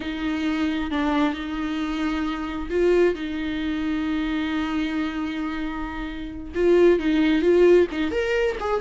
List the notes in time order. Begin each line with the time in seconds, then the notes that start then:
0.00 D#4
0.90 D4
1.33 D#4
2.70 F4
3.15 D#4
6.54 F4
6.99 D#4
7.42 F4
7.91 D#4
8.11 A#4
8.60 G#4